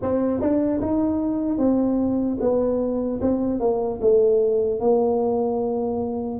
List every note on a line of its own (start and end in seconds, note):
0.01 0.40 C4
0.40 0.80 D4
0.81 1.57 D#4
1.57 2.37 C4
2.40 3.20 B3
3.21 3.60 C4
3.60 4.00 A#3
4.01 4.80 A3
4.80 6.39 A#3